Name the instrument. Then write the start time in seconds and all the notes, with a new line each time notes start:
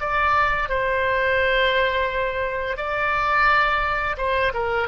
oboe
0.00 D5
0.69 C5
2.77 D5
4.17 C5
4.53 A#4